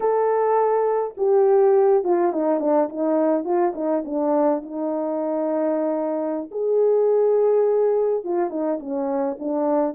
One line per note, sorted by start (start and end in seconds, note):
0.00 1.14 A4
1.17 2.03 G4
2.04 2.32 F4
2.32 2.60 D#4
2.60 2.88 D4
2.89 3.44 D#4
3.44 3.73 F4
3.74 4.03 D#4
4.04 4.62 D4
4.62 6.49 D#4
6.51 8.23 G#4
8.23 8.50 F4
8.50 8.78 D#4
8.79 9.37 C#4
9.39 9.94 D4